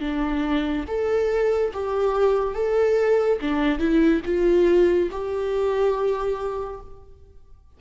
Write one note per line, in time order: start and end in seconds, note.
0.00 0.85 D4
0.88 1.72 A4
1.73 2.54 G4
2.54 3.39 A4
3.41 3.78 D4
3.78 4.21 E4
4.25 5.09 F4
5.11 6.80 G4